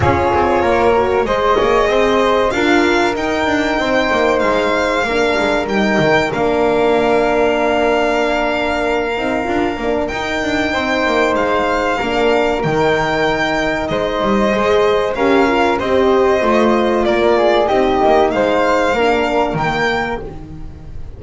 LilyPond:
<<
  \new Staff \with { instrumentName = "violin" } { \time 4/4 \tempo 4 = 95 cis''2 dis''2 | f''4 g''2 f''4~ | f''4 g''4 f''2~ | f''1 |
g''2 f''2 | g''2 dis''2 | f''4 dis''2 d''4 | dis''4 f''2 g''4 | }
  \new Staff \with { instrumentName = "flute" } { \time 4/4 gis'4 ais'4 c''8 cis''8 c''4 | ais'2 c''2 | ais'1~ | ais'1~ |
ais'4 c''2 ais'4~ | ais'2 c''2 | ais'4 c''2 ais'8 gis'8 | g'4 c''4 ais'2 | }
  \new Staff \with { instrumentName = "horn" } { \time 4/4 f'4. fis'8 gis'2 | f'4 dis'2. | d'4 dis'4 d'2~ | d'2~ d'8 dis'8 f'8 d'8 |
dis'2. d'4 | dis'2. gis'4 | g'8 f'8 g'4 f'2 | dis'2 d'4 ais4 | }
  \new Staff \with { instrumentName = "double bass" } { \time 4/4 cis'8 c'8 ais4 gis8 ais8 c'4 | d'4 dis'8 d'8 c'8 ais8 gis4 | ais8 gis8 g8 dis8 ais2~ | ais2~ ais8 c'8 d'8 ais8 |
dis'8 d'8 c'8 ais8 gis4 ais4 | dis2 gis8 g8 gis4 | cis'4 c'4 a4 ais4 | c'8 ais8 gis4 ais4 dis4 | }
>>